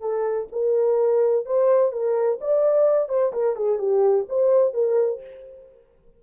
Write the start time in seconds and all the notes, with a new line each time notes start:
0.00 A4
0.52 A#4
1.45 C5
1.92 A#4
2.40 D5
3.08 C5
3.32 A#4
3.56 G#4
3.78 G4
4.28 C5
4.73 A#4